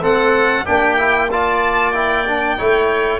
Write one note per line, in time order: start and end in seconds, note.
0.00 0.64 A3
0.00 0.65 C4
0.00 0.65 A4
0.00 0.65 F#5
0.65 2.59 A#3
0.65 0.97 D4
0.65 1.28 G4
0.65 1.29 G5
0.97 1.29 E4
1.31 1.93 F4
1.31 2.57 D5
1.31 1.91 A5
1.91 2.25 E4
1.91 3.19 G5
2.26 2.57 D4
2.57 3.20 A3
2.57 3.20 E4
2.57 3.20 C#5